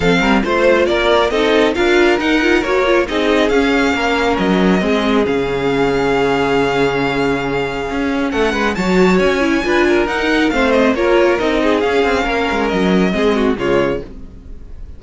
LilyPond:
<<
  \new Staff \with { instrumentName = "violin" } { \time 4/4 \tempo 4 = 137 f''4 c''4 d''4 dis''4 | f''4 fis''4 cis''4 dis''4 | f''2 dis''2 | f''1~ |
f''2. fis''4 | a''4 gis''2 fis''4 | f''8 dis''8 cis''4 dis''4 f''4~ | f''4 dis''2 cis''4 | }
  \new Staff \with { instrumentName = "violin" } { \time 4/4 a'8 ais'8 c''4 ais'4 a'4 | ais'2. gis'4~ | gis'4 ais'2 gis'4~ | gis'1~ |
gis'2. a'8 b'8 | cis''2 b'8 ais'4. | c''4 ais'4. gis'4. | ais'2 gis'8 fis'8 f'4 | }
  \new Staff \with { instrumentName = "viola" } { \time 4/4 c'4 f'2 dis'4 | f'4 dis'8 f'8 fis'8 f'8 dis'4 | cis'2. c'4 | cis'1~ |
cis'1 | fis'4. e'8 f'4 dis'4 | c'4 f'4 dis'4 cis'4~ | cis'2 c'4 gis4 | }
  \new Staff \with { instrumentName = "cello" } { \time 4/4 f8 g8 a4 ais4 c'4 | d'4 dis'4 ais4 c'4 | cis'4 ais4 fis4 gis4 | cis1~ |
cis2 cis'4 a8 gis8 | fis4 cis'4 d'4 dis'4 | a4 ais4 c'4 cis'8 c'8 | ais8 gis8 fis4 gis4 cis4 | }
>>